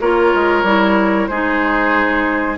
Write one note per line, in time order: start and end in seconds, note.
0.00 0.33 A#3
0.00 0.65 F4
0.00 1.29 A#4
0.00 1.27 C#5
0.34 0.63 G#3
0.63 1.28 G3
0.63 1.30 E4
1.27 2.58 G#3
1.27 2.58 D#4
1.27 2.58 G#4
1.27 2.56 C5